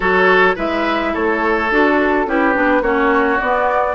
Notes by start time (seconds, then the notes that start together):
0.00 F#3 F#4 A4 C#5
0.55 G#3 E4 B4 E5
1.13 A3 A4 C#5
1.71 D4 F#4 A4
2.26 C#4 E4 G4 B4
2.53 B3 D4
2.81 A#3 C#4 F#4 C#5
3.39 B3 D5